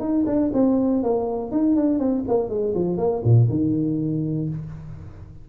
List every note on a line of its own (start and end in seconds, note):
0.00 0.25 D#4
0.27 0.52 D4
0.54 1.03 C4
1.03 1.52 A#3
1.52 1.76 D#4
1.76 1.99 D4
1.99 2.24 C4
2.28 2.50 A#3
2.50 2.74 G#3
2.75 2.98 F3
2.98 3.23 A#3
3.25 3.49 A#2
3.50 4.49 D#3